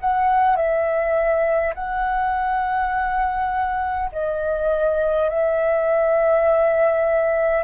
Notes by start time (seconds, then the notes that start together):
0.00 F#5
0.56 E5
1.74 F#5
4.12 D#5
5.29 E5